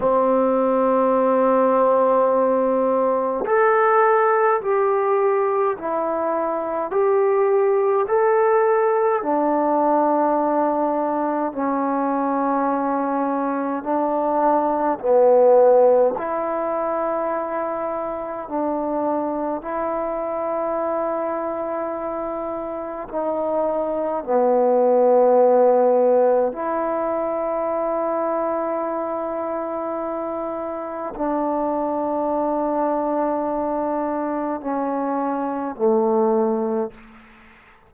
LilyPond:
\new Staff \with { instrumentName = "trombone" } { \time 4/4 \tempo 4 = 52 c'2. a'4 | g'4 e'4 g'4 a'4 | d'2 cis'2 | d'4 b4 e'2 |
d'4 e'2. | dis'4 b2 e'4~ | e'2. d'4~ | d'2 cis'4 a4 | }